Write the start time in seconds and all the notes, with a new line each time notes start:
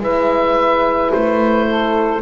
0.00 G#3 E4 B4 E5
1.12 A3 C5
1.67 A4